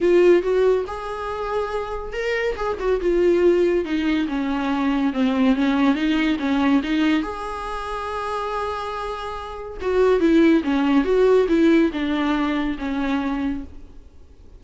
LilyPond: \new Staff \with { instrumentName = "viola" } { \time 4/4 \tempo 4 = 141 f'4 fis'4 gis'2~ | gis'4 ais'4 gis'8 fis'8 f'4~ | f'4 dis'4 cis'2 | c'4 cis'4 dis'4 cis'4 |
dis'4 gis'2.~ | gis'2. fis'4 | e'4 cis'4 fis'4 e'4 | d'2 cis'2 | }